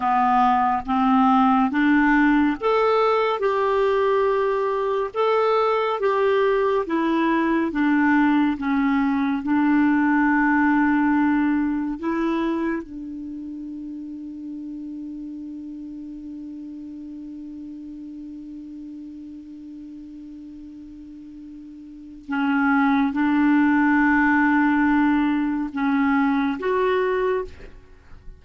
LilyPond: \new Staff \with { instrumentName = "clarinet" } { \time 4/4 \tempo 4 = 70 b4 c'4 d'4 a'4 | g'2 a'4 g'4 | e'4 d'4 cis'4 d'4~ | d'2 e'4 d'4~ |
d'1~ | d'1~ | d'2 cis'4 d'4~ | d'2 cis'4 fis'4 | }